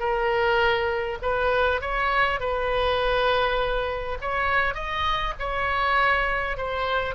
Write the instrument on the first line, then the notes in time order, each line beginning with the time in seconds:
oboe
0.00 A#4
1.22 B4
1.82 C#5
2.40 B4
4.22 C#5
4.75 D#5
5.40 C#5
6.58 C5